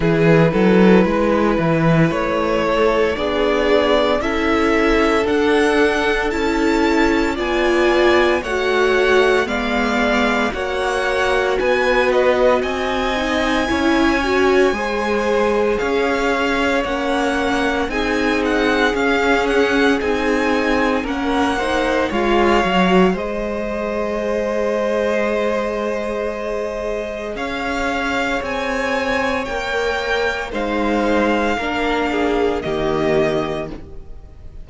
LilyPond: <<
  \new Staff \with { instrumentName = "violin" } { \time 4/4 \tempo 4 = 57 b'2 cis''4 d''4 | e''4 fis''4 a''4 gis''4 | fis''4 f''4 fis''4 gis''8 dis''8 | gis''2. f''4 |
fis''4 gis''8 fis''8 f''8 fis''8 gis''4 | fis''4 f''4 dis''2~ | dis''2 f''4 gis''4 | g''4 f''2 dis''4 | }
  \new Staff \with { instrumentName = "violin" } { \time 4/4 gis'8 a'8 b'4. a'8 gis'4 | a'2. d''4 | cis''4 d''4 cis''4 b'4 | dis''4 cis''4 c''4 cis''4~ |
cis''4 gis'2. | ais'8 c''8 cis''4 c''2~ | c''2 cis''2~ | cis''4 c''4 ais'8 gis'8 g'4 | }
  \new Staff \with { instrumentName = "viola" } { \time 4/4 e'2. d'4 | e'4 d'4 e'4 f'4 | fis'4 b4 fis'2~ | fis'8 dis'8 e'8 fis'8 gis'2 |
cis'4 dis'4 cis'4 dis'4 | cis'8 dis'8 f'8 fis'8 gis'2~ | gis'1 | ais'4 dis'4 d'4 ais4 | }
  \new Staff \with { instrumentName = "cello" } { \time 4/4 e8 fis8 gis8 e8 a4 b4 | cis'4 d'4 cis'4 b4 | a4 gis4 ais4 b4 | c'4 cis'4 gis4 cis'4 |
ais4 c'4 cis'4 c'4 | ais4 gis8 fis8 gis2~ | gis2 cis'4 c'4 | ais4 gis4 ais4 dis4 | }
>>